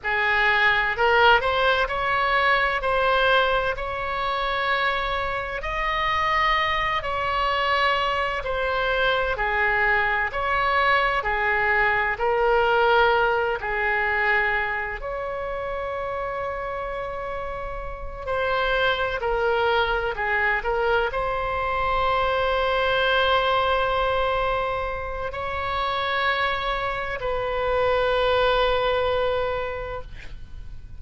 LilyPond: \new Staff \with { instrumentName = "oboe" } { \time 4/4 \tempo 4 = 64 gis'4 ais'8 c''8 cis''4 c''4 | cis''2 dis''4. cis''8~ | cis''4 c''4 gis'4 cis''4 | gis'4 ais'4. gis'4. |
cis''2.~ cis''8 c''8~ | c''8 ais'4 gis'8 ais'8 c''4.~ | c''2. cis''4~ | cis''4 b'2. | }